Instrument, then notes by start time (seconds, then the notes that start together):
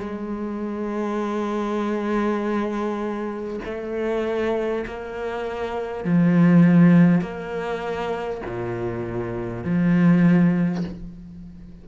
cello
0.00 G#3
3.65 A3
4.87 A#3
6.05 F3
7.22 A#3
8.47 A#2
9.64 F3